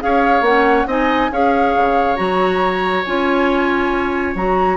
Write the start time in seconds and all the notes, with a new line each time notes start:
0.00 C#4 G#4 C#5 F5
0.41 A#3 C#4 F#5
0.87 C4 D#4 D#5 G#5
1.31 C#4 G#4 C#5 F5
1.77 C#3
2.17 F#3 F#4 A#5
3.05 C#4 F4 G#5
4.35 F#3 F#4 A#5